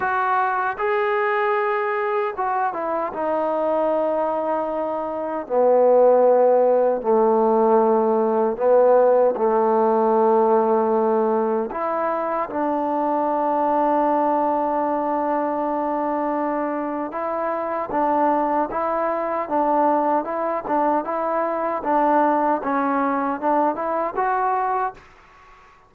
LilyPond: \new Staff \with { instrumentName = "trombone" } { \time 4/4 \tempo 4 = 77 fis'4 gis'2 fis'8 e'8 | dis'2. b4~ | b4 a2 b4 | a2. e'4 |
d'1~ | d'2 e'4 d'4 | e'4 d'4 e'8 d'8 e'4 | d'4 cis'4 d'8 e'8 fis'4 | }